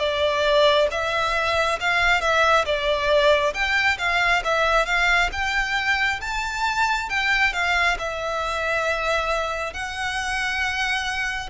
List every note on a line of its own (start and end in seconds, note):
0.00 0.88 D5
0.91 1.80 E5
1.80 2.21 F5
2.21 2.66 E5
2.66 3.54 D5
3.54 3.98 G5
3.99 4.43 F5
4.44 4.86 E5
4.86 5.30 F5
5.33 6.21 G5
6.22 7.10 A5
7.10 7.54 G5
7.54 7.98 F5
7.99 9.74 E5
9.74 11.50 F#5